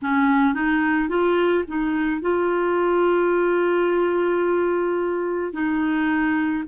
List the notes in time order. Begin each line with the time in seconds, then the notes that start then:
0.02 C#4
0.54 D#4
1.09 F4
1.67 D#4
2.21 F4
5.53 D#4